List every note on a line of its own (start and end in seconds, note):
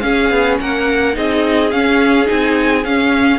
0.00 1.14 C#4
0.00 0.30 C#4
0.00 0.61 G#4
0.00 0.56 F5
0.30 0.59 B3
0.60 1.17 A#3
0.60 1.16 A#4
0.60 1.16 F#5
1.14 1.73 C4
1.14 1.70 D#4
1.14 3.39 G#4
1.14 1.71 D#5
1.71 2.29 C#4
1.71 2.26 C#4
1.71 2.27 F5
2.26 2.85 C4
2.26 2.82 D#4
2.26 2.85 G#5
2.85 3.39 C#4
2.85 3.39 F5